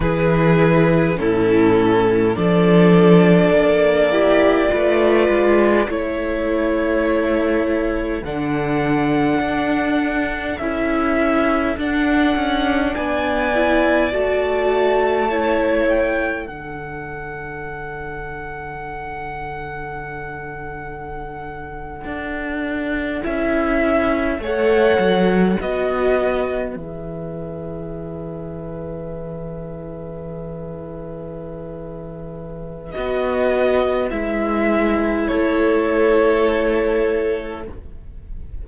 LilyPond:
<<
  \new Staff \with { instrumentName = "violin" } { \time 4/4 \tempo 4 = 51 b'4 a'4 d''2~ | d''4 cis''2 fis''4~ | fis''4 e''4 fis''4 gis''4 | a''4. g''8 fis''2~ |
fis''2.~ fis''8. e''16~ | e''8. fis''4 dis''4 e''4~ e''16~ | e''1 | dis''4 e''4 cis''2 | }
  \new Staff \with { instrumentName = "violin" } { \time 4/4 gis'4 e'4 a'4. g'8 | b'4 a'2.~ | a'2. d''4~ | d''4 cis''4 a'2~ |
a'1~ | a'8. cis''4 b'2~ b'16~ | b'1~ | b'2 a'2 | }
  \new Staff \with { instrumentName = "viola" } { \time 4/4 e'4 cis'4 d'4. e'8 | f'4 e'2 d'4~ | d'4 e'4 d'4. e'8 | fis'4 e'4 d'2~ |
d'2.~ d'8. e'16~ | e'8. a'4 fis'4 gis'4~ gis'16~ | gis'1 | fis'4 e'2. | }
  \new Staff \with { instrumentName = "cello" } { \time 4/4 e4 a,4 f4 ais4 | a8 gis8 a2 d4 | d'4 cis'4 d'8 cis'8 b4 | a2 d2~ |
d2~ d8. d'4 cis'16~ | cis'8. a8 fis8 b4 e4~ e16~ | e1 | b4 gis4 a2 | }
>>